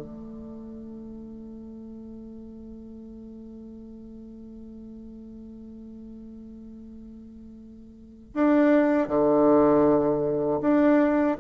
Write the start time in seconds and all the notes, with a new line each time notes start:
0.00 A3
8.34 D4
9.08 D3
10.62 D4